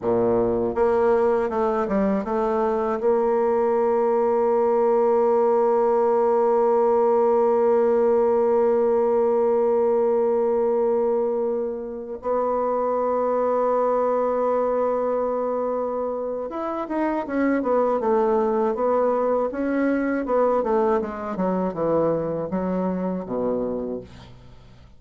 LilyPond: \new Staff \with { instrumentName = "bassoon" } { \time 4/4 \tempo 4 = 80 ais,4 ais4 a8 g8 a4 | ais1~ | ais1~ | ais1~ |
ais16 b2.~ b8.~ | b2 e'8 dis'8 cis'8 b8 | a4 b4 cis'4 b8 a8 | gis8 fis8 e4 fis4 b,4 | }